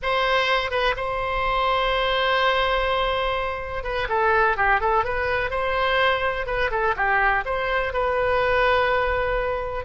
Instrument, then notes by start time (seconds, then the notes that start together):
oboe
0.02 C5
0.70 B4
0.96 C5
3.83 B4
4.08 A4
4.56 G4
4.80 A4
5.04 B4
5.50 C5
6.46 B4
6.70 A4
6.96 G4
7.45 C5
7.93 B4